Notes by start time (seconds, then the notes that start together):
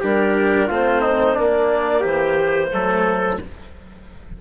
0.00 G3 D4 G4 A#4
0.67 A3 C4 F4 C5
1.01 D#4
1.35 A#3 D4 D5
2.00 E3 G4 C5
2.71 F#3 A3 A4